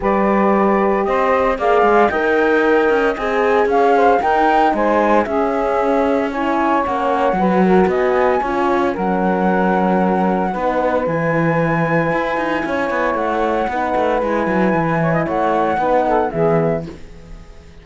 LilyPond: <<
  \new Staff \with { instrumentName = "flute" } { \time 4/4 \tempo 4 = 114 d''2 dis''4 f''4 | g''2 gis''4 f''4 | g''4 gis''4 e''2 | gis''4 fis''2 gis''4~ |
gis''4 fis''2.~ | fis''4 gis''2.~ | gis''4 fis''2 gis''4~ | gis''4 fis''2 e''4 | }
  \new Staff \with { instrumentName = "saxophone" } { \time 4/4 b'2 c''4 d''4 | dis''2. cis''8 c''8 | ais'4 c''4 gis'2 | cis''2 b'8 ais'8 dis''4 |
cis''4 ais'2. | b'1 | cis''2 b'2~ | b'8 cis''16 dis''16 cis''4 b'8 a'8 gis'4 | }
  \new Staff \with { instrumentName = "horn" } { \time 4/4 g'2. gis'4 | ais'2 gis'2 | dis'2 cis'2 | e'4 cis'4 fis'2 |
f'4 cis'2. | dis'4 e'2.~ | e'2 dis'4 e'4~ | e'2 dis'4 b4 | }
  \new Staff \with { instrumentName = "cello" } { \time 4/4 g2 c'4 ais8 gis8 | dis'4. cis'8 c'4 cis'4 | dis'4 gis4 cis'2~ | cis'4 ais4 fis4 b4 |
cis'4 fis2. | b4 e2 e'8 dis'8 | cis'8 b8 a4 b8 a8 gis8 fis8 | e4 a4 b4 e4 | }
>>